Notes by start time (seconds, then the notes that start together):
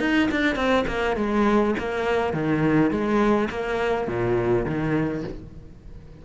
0.00 D#4
0.32 D4
0.56 C4
0.87 A#3
1.17 G#3
1.79 A#3
2.34 D#3
2.91 G#3
3.50 A#3
4.08 A#2
4.66 D#3